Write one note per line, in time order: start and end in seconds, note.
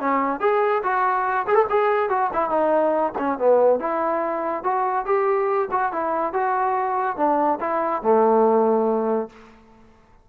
0.00 0.40 C#4
0.40 0.82 G#4
0.83 1.46 F#4
1.47 1.55 G#4
1.55 1.65 A4
1.69 2.09 G#4
2.09 2.30 F#4
2.33 2.49 E4
2.49 3.13 D#4
3.18 3.38 C#4
3.38 3.80 B3
3.80 4.64 E4
4.64 5.06 F#4
5.06 5.69 G4
5.71 5.92 F#4
5.93 6.33 E4
6.33 7.17 F#4
7.17 7.59 D4
7.61 8.02 E4
8.02 9.29 A3